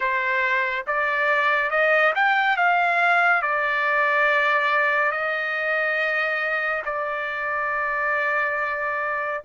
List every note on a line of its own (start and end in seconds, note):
0.00 0.85 C5
0.86 1.70 D5
1.70 2.13 D#5
2.15 2.56 G5
2.56 3.41 F5
3.41 5.11 D5
5.11 6.83 D#5
6.85 9.42 D5